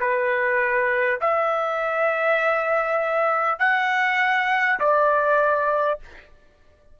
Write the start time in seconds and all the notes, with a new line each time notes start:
0.00 B4
1.21 E5
3.59 F#5
4.79 D5